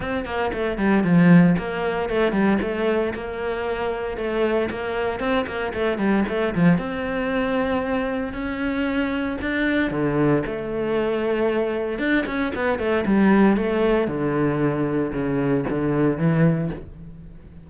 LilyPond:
\new Staff \with { instrumentName = "cello" } { \time 4/4 \tempo 4 = 115 c'8 ais8 a8 g8 f4 ais4 | a8 g8 a4 ais2 | a4 ais4 c'8 ais8 a8 g8 | a8 f8 c'2. |
cis'2 d'4 d4 | a2. d'8 cis'8 | b8 a8 g4 a4 d4~ | d4 cis4 d4 e4 | }